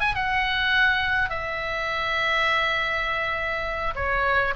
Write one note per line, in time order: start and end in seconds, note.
0.00 0.14 G#5
0.14 1.29 F#5
1.29 3.94 E5
3.95 4.54 C#5